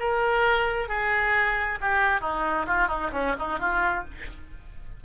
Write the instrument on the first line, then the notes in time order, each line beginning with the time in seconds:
oboe
0.00 A#4
0.89 G#4
1.81 G4
2.21 D#4
2.67 F4
2.88 D#4
3.13 C#4
3.39 D#4
3.59 F4